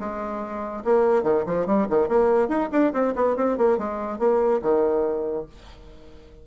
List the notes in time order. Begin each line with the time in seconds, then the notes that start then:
0.00 G#3
0.85 A#3
1.24 D#3
1.46 F3
1.66 G3
1.90 D#3
2.08 A#3
2.49 D#4
2.72 D4
2.93 C4
3.16 B3
3.37 C4
3.58 A#3
3.78 G#3
4.19 A#3
4.62 D#3